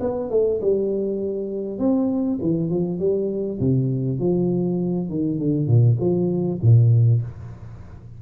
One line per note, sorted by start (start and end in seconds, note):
0.00 0.30 B3
0.30 0.60 A3
0.61 1.79 G3
1.79 2.39 C4
2.41 2.70 E3
2.70 2.99 F3
2.99 3.59 G3
3.59 4.19 C3
4.19 5.09 F3
5.09 5.38 D#3
5.38 5.67 D3
5.67 5.97 A#2
6.00 6.60 F3
6.61 7.21 A#2